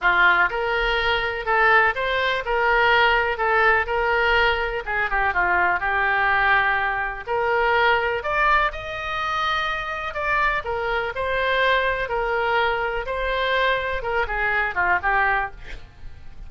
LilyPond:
\new Staff \with { instrumentName = "oboe" } { \time 4/4 \tempo 4 = 124 f'4 ais'2 a'4 | c''4 ais'2 a'4 | ais'2 gis'8 g'8 f'4 | g'2. ais'4~ |
ais'4 d''4 dis''2~ | dis''4 d''4 ais'4 c''4~ | c''4 ais'2 c''4~ | c''4 ais'8 gis'4 f'8 g'4 | }